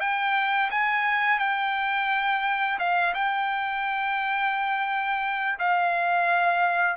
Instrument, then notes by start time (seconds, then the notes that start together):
trumpet
0.00 G5
0.70 G#5
1.39 G5
2.79 F5
3.14 G5
5.59 F5